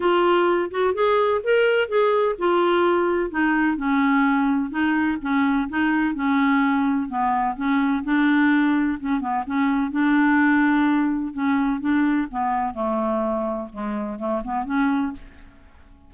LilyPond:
\new Staff \with { instrumentName = "clarinet" } { \time 4/4 \tempo 4 = 127 f'4. fis'8 gis'4 ais'4 | gis'4 f'2 dis'4 | cis'2 dis'4 cis'4 | dis'4 cis'2 b4 |
cis'4 d'2 cis'8 b8 | cis'4 d'2. | cis'4 d'4 b4 a4~ | a4 gis4 a8 b8 cis'4 | }